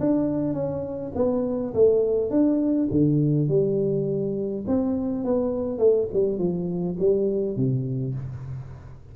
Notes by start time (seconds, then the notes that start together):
0.00 D4
0.53 C#4
1.15 B3
1.74 A3
2.30 D4
2.91 D3
3.48 G3
4.67 C4
5.24 B3
5.78 A3
6.13 G3
6.38 F3
6.99 G3
7.56 C3